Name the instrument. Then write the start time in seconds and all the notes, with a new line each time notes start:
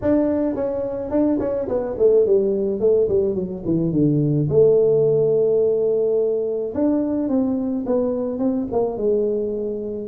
tuba
0.01 D4
0.55 C#4
1.11 D4
1.39 C#4
1.68 B3
1.98 A3
2.26 G3
2.80 A3
3.08 G3
3.34 F#3
3.65 E3
3.92 D3
4.49 A3
6.74 D4
7.28 C4
7.86 B3
8.38 C4
8.72 A#3
8.97 G#3